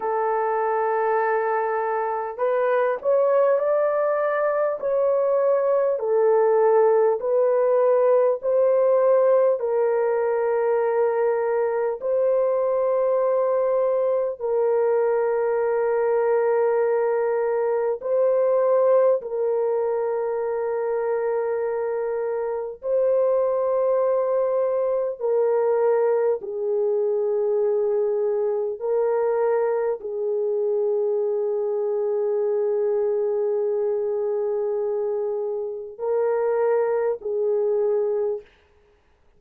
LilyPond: \new Staff \with { instrumentName = "horn" } { \time 4/4 \tempo 4 = 50 a'2 b'8 cis''8 d''4 | cis''4 a'4 b'4 c''4 | ais'2 c''2 | ais'2. c''4 |
ais'2. c''4~ | c''4 ais'4 gis'2 | ais'4 gis'2.~ | gis'2 ais'4 gis'4 | }